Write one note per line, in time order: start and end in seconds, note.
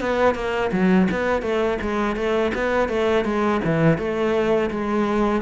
0.00 0.35 B3
0.35 0.71 A#3
0.72 1.08 F#3
1.11 1.42 B3
1.42 1.78 A3
1.81 2.16 G#3
2.16 2.52 A3
2.54 2.89 B3
2.89 3.24 A3
3.24 3.60 G#3
3.64 3.98 E3
3.98 4.70 A3
4.70 5.42 G#3